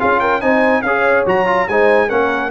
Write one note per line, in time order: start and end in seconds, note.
0.00 0.43 C#4
0.00 0.42 F4
0.00 0.21 G#4
0.00 0.20 F5
0.20 0.42 A#4
0.20 0.41 G5
0.42 0.83 C4
0.42 0.84 D#4
0.42 0.85 C5
0.42 0.82 G#5
0.82 1.25 C#4
0.82 1.27 G#4
0.82 1.69 C#5
0.82 1.24 F5
1.27 1.69 F#3
1.27 1.47 F#4
1.27 1.69 A#5
1.47 1.68 F4
1.69 2.11 G#3
1.69 2.10 D#4
1.69 2.08 C5
1.69 2.10 G#5
2.08 2.52 A#3
2.08 2.51 C#4
2.08 2.50 A#4
2.08 2.52 F#5